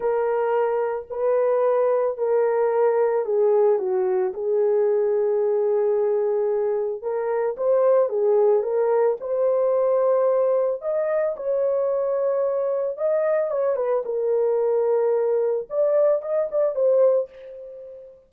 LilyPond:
\new Staff \with { instrumentName = "horn" } { \time 4/4 \tempo 4 = 111 ais'2 b'2 | ais'2 gis'4 fis'4 | gis'1~ | gis'4 ais'4 c''4 gis'4 |
ais'4 c''2. | dis''4 cis''2. | dis''4 cis''8 b'8 ais'2~ | ais'4 d''4 dis''8 d''8 c''4 | }